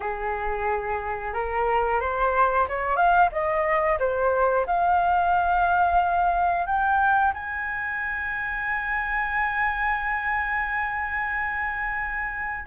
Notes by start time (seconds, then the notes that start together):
0.00 G#4
1.33 A#4
2.00 C5
2.68 C#5
2.96 F5
3.32 D#5
3.99 C5
4.66 F5
6.66 G5
7.33 G#5